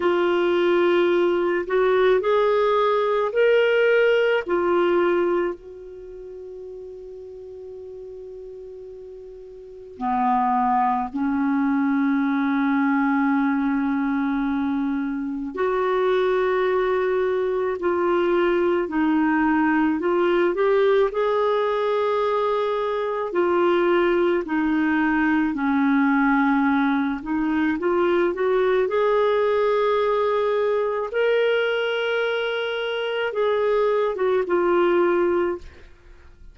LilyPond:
\new Staff \with { instrumentName = "clarinet" } { \time 4/4 \tempo 4 = 54 f'4. fis'8 gis'4 ais'4 | f'4 fis'2.~ | fis'4 b4 cis'2~ | cis'2 fis'2 |
f'4 dis'4 f'8 g'8 gis'4~ | gis'4 f'4 dis'4 cis'4~ | cis'8 dis'8 f'8 fis'8 gis'2 | ais'2 gis'8. fis'16 f'4 | }